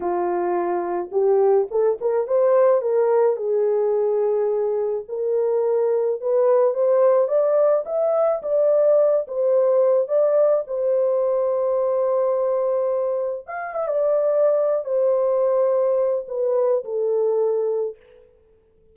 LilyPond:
\new Staff \with { instrumentName = "horn" } { \time 4/4 \tempo 4 = 107 f'2 g'4 a'8 ais'8 | c''4 ais'4 gis'2~ | gis'4 ais'2 b'4 | c''4 d''4 e''4 d''4~ |
d''8 c''4. d''4 c''4~ | c''1 | f''8 e''16 d''4.~ d''16 c''4.~ | c''4 b'4 a'2 | }